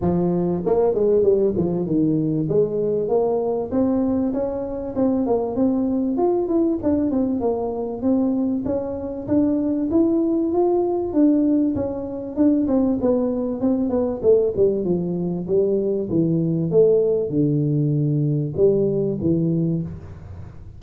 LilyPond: \new Staff \with { instrumentName = "tuba" } { \time 4/4 \tempo 4 = 97 f4 ais8 gis8 g8 f8 dis4 | gis4 ais4 c'4 cis'4 | c'8 ais8 c'4 f'8 e'8 d'8 c'8 | ais4 c'4 cis'4 d'4 |
e'4 f'4 d'4 cis'4 | d'8 c'8 b4 c'8 b8 a8 g8 | f4 g4 e4 a4 | d2 g4 e4 | }